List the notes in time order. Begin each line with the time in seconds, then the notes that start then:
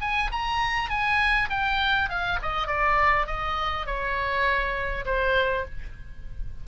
0.00 G#5
0.31 A#5
0.89 G#5
1.50 G5
2.09 F5
2.42 D#5
2.67 D5
3.26 D#5
3.86 C#5
5.05 C5